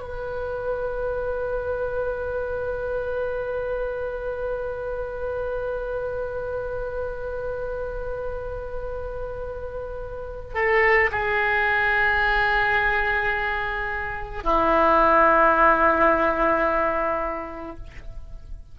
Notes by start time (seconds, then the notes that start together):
0.00 B4
10.55 A4
11.11 G#4
14.43 E4